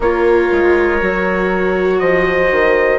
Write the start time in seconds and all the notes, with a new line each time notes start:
0.00 A#3 F4 A#4 C#5
0.51 G#3
1.01 F#3 F#4
1.99 F3 C5 D#5
2.51 D#3